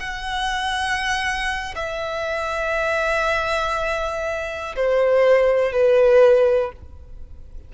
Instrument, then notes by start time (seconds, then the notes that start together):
violin
0.00 F#5
1.75 E5
4.76 C5
5.72 B4